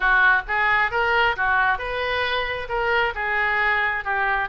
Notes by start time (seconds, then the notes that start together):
0.00 F#4
0.47 G#4
0.91 A#4
1.36 F#4
1.78 B4
2.69 A#4
3.14 G#4
4.04 G4